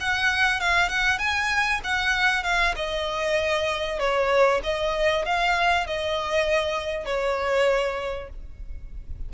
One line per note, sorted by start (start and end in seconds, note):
0.00 0.60 F#5
0.60 0.89 F5
0.89 1.18 F#5
1.18 1.80 G#5
1.83 2.43 F#5
2.43 2.74 F5
2.76 3.99 D#5
3.99 4.61 C#5
4.63 5.25 D#5
5.25 5.87 F5
5.87 7.05 D#5
7.05 8.29 C#5